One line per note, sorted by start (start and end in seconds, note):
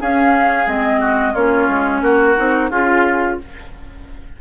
0.00 0.66 C#4
0.00 0.67 C#4
0.00 1.00 G#4
0.00 0.68 F5
0.66 1.34 G#3
0.66 1.35 C4
0.66 1.36 D#5
1.00 1.33 F#4
1.33 1.68 A#3
1.33 2.36 C#4
1.33 2.01 F4
1.33 2.02 C#5
1.69 2.02 G#3
2.02 2.36 A#3
2.02 2.70 F#4
2.02 2.70 A#4
2.36 2.70 C4
2.36 2.70 D#4
2.70 3.38 C#4
2.70 3.38 F4
2.70 3.41 F4
2.70 3.38 G#4